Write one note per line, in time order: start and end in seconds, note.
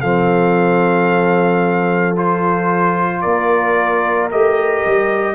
0.00 3.24 F3
0.00 2.16 C4
0.00 3.21 A4
0.00 2.15 F5
2.16 4.30 F4
2.16 3.21 C5
3.21 4.31 A#3
3.21 5.35 A#4
3.21 4.29 D5
4.31 4.85 A3
4.31 5.35 G4
4.31 5.35 D#5
4.85 5.35 G3